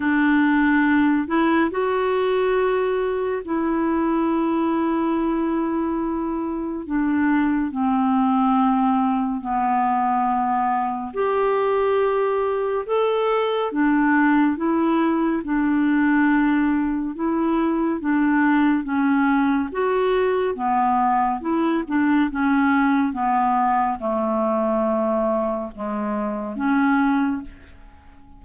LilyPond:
\new Staff \with { instrumentName = "clarinet" } { \time 4/4 \tempo 4 = 70 d'4. e'8 fis'2 | e'1 | d'4 c'2 b4~ | b4 g'2 a'4 |
d'4 e'4 d'2 | e'4 d'4 cis'4 fis'4 | b4 e'8 d'8 cis'4 b4 | a2 gis4 cis'4 | }